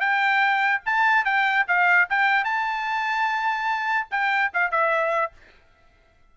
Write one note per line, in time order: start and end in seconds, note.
0.00 0.82 G5
0.86 1.25 A5
1.25 1.66 G5
1.68 2.09 F5
2.10 2.45 G5
2.45 4.08 A5
4.11 4.52 G5
4.53 4.71 F5
4.71 5.32 E5